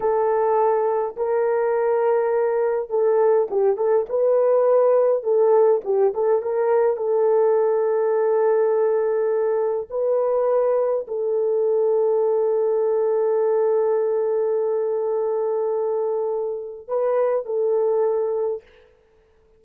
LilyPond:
\new Staff \with { instrumentName = "horn" } { \time 4/4 \tempo 4 = 103 a'2 ais'2~ | ais'4 a'4 g'8 a'8 b'4~ | b'4 a'4 g'8 a'8 ais'4 | a'1~ |
a'4 b'2 a'4~ | a'1~ | a'1~ | a'4 b'4 a'2 | }